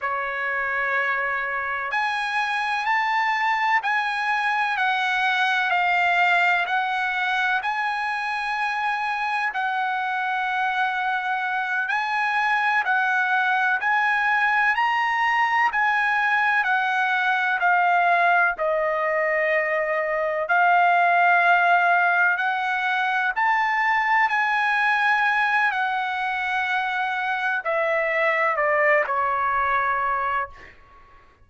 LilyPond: \new Staff \with { instrumentName = "trumpet" } { \time 4/4 \tempo 4 = 63 cis''2 gis''4 a''4 | gis''4 fis''4 f''4 fis''4 | gis''2 fis''2~ | fis''8 gis''4 fis''4 gis''4 ais''8~ |
ais''8 gis''4 fis''4 f''4 dis''8~ | dis''4. f''2 fis''8~ | fis''8 a''4 gis''4. fis''4~ | fis''4 e''4 d''8 cis''4. | }